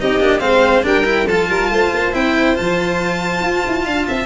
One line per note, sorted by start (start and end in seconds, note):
0.00 0.22 C4
0.00 0.20 D#4
0.00 0.44 G4
0.00 0.40 D#5
0.20 0.42 A#3
0.20 0.40 D4
0.40 0.85 G#3
0.40 0.83 C4
0.40 0.85 C5
0.40 0.83 F5
0.83 1.28 G3
0.83 1.05 D4
0.83 1.27 A#4
0.83 1.29 G5
1.05 1.27 E4
1.27 1.49 F3
1.27 2.13 F4
1.27 1.49 A4
1.27 2.14 A5
1.49 1.71 G3
1.49 1.71 A#4
1.71 1.92 A3
1.71 3.85 C5
1.94 2.15 A#3
2.13 2.57 C4
2.13 2.55 E4
2.13 2.57 G5
2.55 3.41 F3
2.55 4.27 F4
2.55 4.27 A5
3.41 3.63 F4
3.68 3.86 E4
3.85 4.08 D4
3.85 4.06 F5
4.08 4.27 C4
4.08 4.27 E5